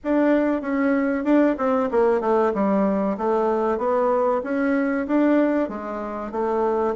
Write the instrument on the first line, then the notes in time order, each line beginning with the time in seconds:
bassoon
0.03 D4
0.61 C#4
1.24 D4
1.58 C4
1.91 A#3
2.20 A3
2.53 G3
3.17 A3
3.78 B3
4.43 C#4
5.07 D4
5.68 G#3
6.31 A3